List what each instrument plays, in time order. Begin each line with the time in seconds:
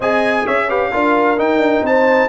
0.00 tuba C4, trombone G#4, horn D#5, trumpet G#5
0.45 tuba C#4, horn C#5, trumpet E5
0.68 trombone G4, horn B4, trumpet F5
0.92 tuba D4, trombone F4, horn A#4
1.37 trombone D#4, tuba D#4, trumpet G5
1.57 tuba D4
1.81 tuba C4, horn C5, trumpet A5